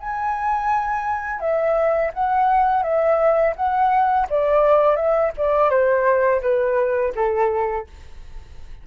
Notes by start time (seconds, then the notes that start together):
0.00 G#5
1.40 E5
2.14 F#5
2.83 E5
3.56 F#5
4.30 D5
4.96 E5
5.38 D5
5.70 C5
6.42 B4
7.16 A4